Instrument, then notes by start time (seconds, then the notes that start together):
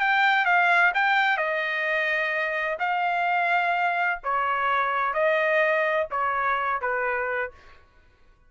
trumpet
0.00 G5
0.45 F5
0.94 G5
1.37 D#5
2.80 F5
4.24 C#5
5.14 D#5
6.11 C#5
6.81 B4